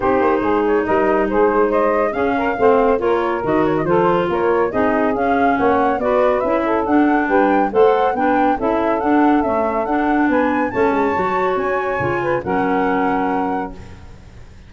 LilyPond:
<<
  \new Staff \with { instrumentName = "flute" } { \time 4/4 \tempo 4 = 140 c''4. cis''8 dis''4 c''4 | dis''4 f''2 cis''4 | dis''8 cis''16 dis''16 c''4 cis''4 dis''4 | f''4 fis''4 d''4 e''4 |
fis''4 g''4 fis''4 g''4 | e''4 fis''4 e''4 fis''4 | gis''4 a''2 gis''4~ | gis''4 fis''2. | }
  \new Staff \with { instrumentName = "saxophone" } { \time 4/4 g'4 gis'4 ais'4 gis'4 | c''4 gis'8 ais'8 c''4 ais'4~ | ais'4 a'4 ais'4 gis'4~ | gis'4 cis''4 b'4. a'8~ |
a'4 b'4 c''4 b'4 | a'1 | b'4 cis''2.~ | cis''8 b'8 ais'2. | }
  \new Staff \with { instrumentName = "clarinet" } { \time 4/4 dis'1~ | dis'4 cis'4 c'4 f'4 | fis'4 f'2 dis'4 | cis'2 fis'4 e'4 |
d'2 a'4 d'4 | e'4 d'4 a4 d'4~ | d'4 cis'4 fis'2 | f'4 cis'2. | }
  \new Staff \with { instrumentName = "tuba" } { \time 4/4 c'8 ais8 gis4 g4 gis4~ | gis4 cis'4 a4 ais4 | dis4 f4 ais4 c'4 | cis'4 ais4 b4 cis'4 |
d'4 g4 a4 b4 | cis'4 d'4 cis'4 d'4 | b4 a8 gis8 fis4 cis'4 | cis4 fis2. | }
>>